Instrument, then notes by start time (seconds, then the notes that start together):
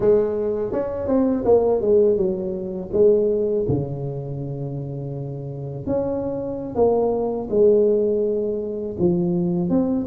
tuba
0.00 G#3
0.72 C#4
1.07 C4
1.44 A#3
1.81 G#3
2.16 F#3
2.93 G#3
3.68 C#3
5.86 C#4
6.75 A#3
7.50 G#3
8.98 F3
9.69 C4